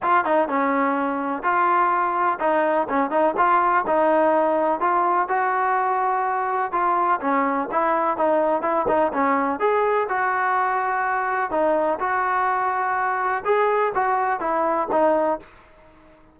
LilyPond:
\new Staff \with { instrumentName = "trombone" } { \time 4/4 \tempo 4 = 125 f'8 dis'8 cis'2 f'4~ | f'4 dis'4 cis'8 dis'8 f'4 | dis'2 f'4 fis'4~ | fis'2 f'4 cis'4 |
e'4 dis'4 e'8 dis'8 cis'4 | gis'4 fis'2. | dis'4 fis'2. | gis'4 fis'4 e'4 dis'4 | }